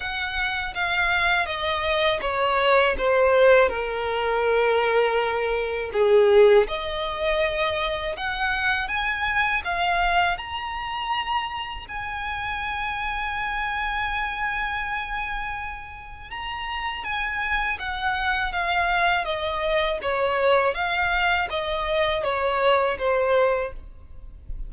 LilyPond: \new Staff \with { instrumentName = "violin" } { \time 4/4 \tempo 4 = 81 fis''4 f''4 dis''4 cis''4 | c''4 ais'2. | gis'4 dis''2 fis''4 | gis''4 f''4 ais''2 |
gis''1~ | gis''2 ais''4 gis''4 | fis''4 f''4 dis''4 cis''4 | f''4 dis''4 cis''4 c''4 | }